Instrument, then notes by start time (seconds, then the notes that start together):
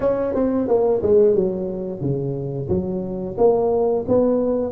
tuba
0.00 C#4
0.34 C4
0.67 A#3
1.02 G#3
1.35 F#3
2.00 C#3
2.68 F#3
3.37 A#3
4.08 B3